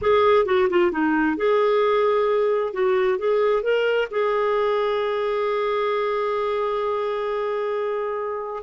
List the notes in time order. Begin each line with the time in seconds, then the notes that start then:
0.01 G#4
0.45 F#4
0.69 F4
0.91 D#4
1.36 G#4
2.73 F#4
3.18 G#4
3.62 A#4
4.10 G#4